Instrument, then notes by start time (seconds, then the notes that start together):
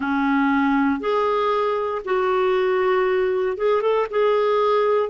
clarinet
0.00 C#4
1.00 G#4
2.04 F#4
3.57 G#4
3.81 A4
4.10 G#4